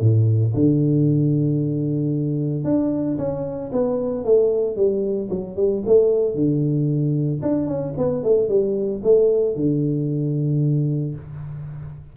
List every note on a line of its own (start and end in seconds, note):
0.00 0.53 A2
0.54 2.64 D3
2.64 3.17 D4
3.17 3.70 C#4
3.72 4.24 B3
4.24 4.75 A3
4.75 5.29 G3
5.29 5.56 F#3
5.56 5.82 G3
5.86 6.35 A3
6.35 7.41 D3
7.42 7.67 D4
7.67 7.93 C#4
7.97 8.23 B3
8.23 8.48 A3
8.48 9.01 G3
9.03 9.55 A3
9.55 11.15 D3